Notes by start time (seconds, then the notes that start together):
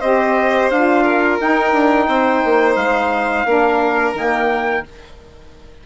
0.00 C4 G4 C5 D#5
0.70 D4 F4 F5
1.03 A#4
1.39 D#4 G5
1.73 D4
2.08 C4 C5
2.45 A#3
2.76 G#3 F5
3.45 A#3 D4 A#4
4.14 D#3 A#3 G5